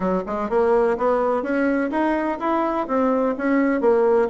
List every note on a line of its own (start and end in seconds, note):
0.00 0.23 F#3
0.26 0.49 G#3
0.49 0.97 A#3
0.97 1.42 B3
1.42 1.90 C#4
1.90 2.38 D#4
2.39 2.87 E4
2.87 3.35 C4
3.37 3.80 C#4
3.80 4.28 A#3